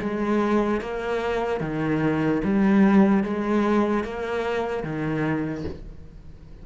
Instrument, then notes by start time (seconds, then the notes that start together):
cello
0.00 G#3
0.81 A#3
1.61 D#3
2.44 G3
3.24 G#3
4.04 A#3
4.84 D#3